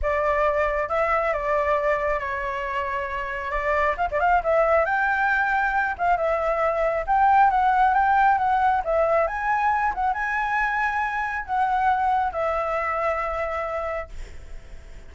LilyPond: \new Staff \with { instrumentName = "flute" } { \time 4/4 \tempo 4 = 136 d''2 e''4 d''4~ | d''4 cis''2. | d''4 f''16 d''16 f''8 e''4 g''4~ | g''4. f''8 e''2 |
g''4 fis''4 g''4 fis''4 | e''4 gis''4. fis''8 gis''4~ | gis''2 fis''2 | e''1 | }